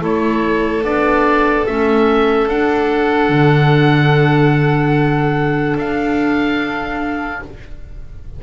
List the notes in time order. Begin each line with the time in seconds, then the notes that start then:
0.00 A3 E4 A4 C#5
0.83 B3 D4 D5
1.66 A3 C#4 E5
2.47 D4 F#5
3.29 D3
5.76 D4 F5